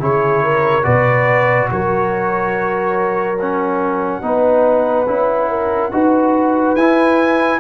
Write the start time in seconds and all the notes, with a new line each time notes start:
0.00 C#3 E4 G#4 C#5
0.44 A#4
0.83 B2 F#4 B4 D5
1.72 F#3 A#4 C#5
3.39 C#4 F#5
4.22 B3 D#4 B4
5.07 C#4 E4
5.50 A#4
5.92 D#4 F#4 B4
6.76 E4 G#5